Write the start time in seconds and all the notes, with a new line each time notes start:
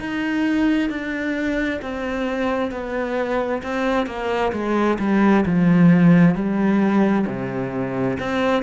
0.00 D#4
0.90 D4
1.82 C4
2.72 B3
3.64 C4
4.07 A#3
4.53 G#3
5.00 G3
5.46 F3
6.35 G3
7.27 C3
8.20 C4